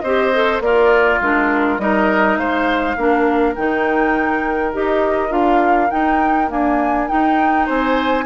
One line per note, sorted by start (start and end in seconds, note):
0.00 0.61 C4
0.00 0.34 G4
0.00 0.63 C5
0.00 0.59 D#5
0.34 0.62 A4
0.61 1.19 A#3
0.61 1.82 F4
0.61 1.21 A#4
0.61 1.21 D5
1.21 1.79 G#3
1.21 1.79 D4
1.21 1.79 A#4
1.79 2.37 G3
1.79 2.97 D#4
1.79 2.39 A#4
1.79 2.37 D#5
2.37 2.96 G#3
2.37 2.97 C5
2.37 3.54 F5
2.97 3.56 A#3
2.97 3.56 D4
2.97 7.66 A#4
3.55 4.74 D#3
3.55 4.73 D#4
3.55 4.73 G5
4.73 5.31 D#4
4.73 5.29 G4
4.73 5.32 D#5
5.29 5.90 D4
5.29 5.88 F4
5.29 5.91 F5
5.91 6.48 D#4
5.91 6.51 D#4
5.91 6.50 G5
6.48 7.07 A#3
6.48 7.10 D4
6.48 7.08 G#5
7.08 8.25 D#4
7.08 7.69 D#4
7.08 7.67 G5
7.66 8.26 C4
7.66 8.25 C5
7.66 8.26 G#5